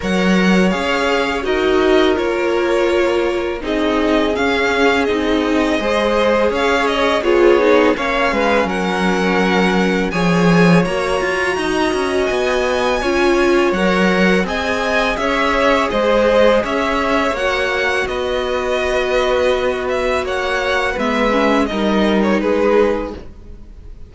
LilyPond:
<<
  \new Staff \with { instrumentName = "violin" } { \time 4/4 \tempo 4 = 83 fis''4 f''4 dis''4 cis''4~ | cis''4 dis''4 f''4 dis''4~ | dis''4 f''8 dis''8 cis''4 f''4 | fis''2 gis''4 ais''4~ |
ais''4 gis''2 fis''4 | gis''4 e''4 dis''4 e''4 | fis''4 dis''2~ dis''8 e''8 | fis''4 e''4 dis''8. cis''16 b'4 | }
  \new Staff \with { instrumentName = "violin" } { \time 4/4 cis''2 ais'2~ | ais'4 gis'2. | c''4 cis''4 gis'4 cis''8 b'8 | ais'2 cis''2 |
dis''2 cis''2 | dis''4 cis''4 c''4 cis''4~ | cis''4 b'2. | cis''4 b'4 ais'4 gis'4 | }
  \new Staff \with { instrumentName = "viola" } { \time 4/4 ais'4 gis'4 fis'4 f'4~ | f'4 dis'4 cis'4 dis'4 | gis'2 f'8 dis'8 cis'4~ | cis'2 gis'4 fis'4~ |
fis'2 f'4 ais'4 | gis'1 | fis'1~ | fis'4 b8 cis'8 dis'2 | }
  \new Staff \with { instrumentName = "cello" } { \time 4/4 fis4 cis'4 dis'4 ais4~ | ais4 c'4 cis'4 c'4 | gis4 cis'4 b4 ais8 gis8 | fis2 f4 ais8 f'8 |
dis'8 cis'8 b4 cis'4 fis4 | c'4 cis'4 gis4 cis'4 | ais4 b2. | ais4 gis4 g4 gis4 | }
>>